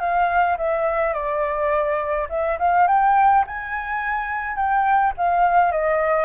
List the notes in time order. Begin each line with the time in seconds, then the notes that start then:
0.00 F5
0.58 E5
1.14 D5
2.30 E5
2.59 F5
2.88 G5
3.47 G#5
4.56 G5
5.18 F5
5.72 D#5